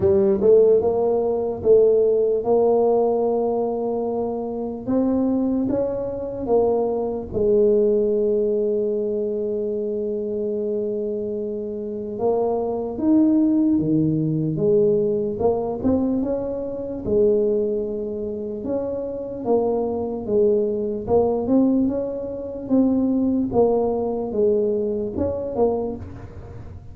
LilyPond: \new Staff \with { instrumentName = "tuba" } { \time 4/4 \tempo 4 = 74 g8 a8 ais4 a4 ais4~ | ais2 c'4 cis'4 | ais4 gis2.~ | gis2. ais4 |
dis'4 dis4 gis4 ais8 c'8 | cis'4 gis2 cis'4 | ais4 gis4 ais8 c'8 cis'4 | c'4 ais4 gis4 cis'8 ais8 | }